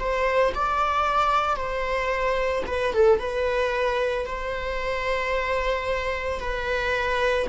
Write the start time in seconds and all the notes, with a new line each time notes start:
0.00 C5
0.55 D5
1.57 C5
2.67 B4
2.94 A4
3.19 B4
4.26 C5
6.40 B4